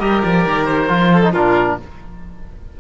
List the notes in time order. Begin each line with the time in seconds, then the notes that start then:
0.00 G3 G4 A#4 D#5
0.24 F3 D5
0.46 D#3
0.66 C5
0.89 F3 F4
1.12 A4
1.24 D#4
1.33 A#2 D4 F4 A#4